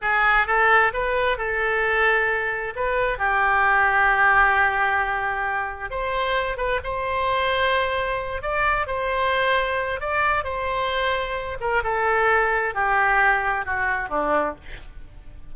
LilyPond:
\new Staff \with { instrumentName = "oboe" } { \time 4/4 \tempo 4 = 132 gis'4 a'4 b'4 a'4~ | a'2 b'4 g'4~ | g'1~ | g'4 c''4. b'8 c''4~ |
c''2~ c''8 d''4 c''8~ | c''2 d''4 c''4~ | c''4. ais'8 a'2 | g'2 fis'4 d'4 | }